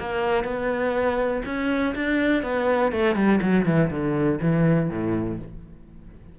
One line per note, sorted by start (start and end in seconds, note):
0.00 0.44 A#3
0.44 1.43 B3
1.46 1.95 C#4
1.96 2.43 D4
2.43 2.92 B3
2.92 3.16 A3
3.16 3.40 G3
3.42 3.66 F#3
3.66 3.90 E3
3.91 4.40 D3
4.42 4.90 E3
4.90 5.39 A2